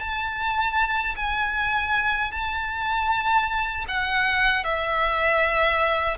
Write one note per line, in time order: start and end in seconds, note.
0.00 1.15 A5
1.16 2.31 G#5
2.31 3.85 A5
3.88 4.64 F#5
4.64 6.17 E5